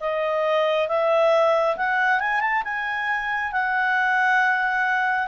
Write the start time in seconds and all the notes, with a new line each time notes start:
0.00 D#5
0.88 E5
1.77 F#5
2.20 G#5
2.40 A5
2.64 G#5
3.52 F#5